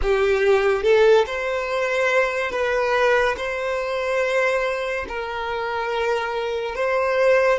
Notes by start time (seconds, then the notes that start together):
0.02 G4
0.83 A4
1.26 C5
2.51 B4
3.36 C5
5.08 A#4
6.75 C5